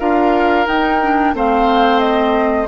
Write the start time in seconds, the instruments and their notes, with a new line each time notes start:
0.00 bassoon D4, clarinet F4, oboe A#4, flute F5
0.66 clarinet D#4, bassoon D#4, flute G5
1.02 clarinet D4
1.34 bassoon A3, clarinet C4, oboe C5, flute F5
2.00 flute D#5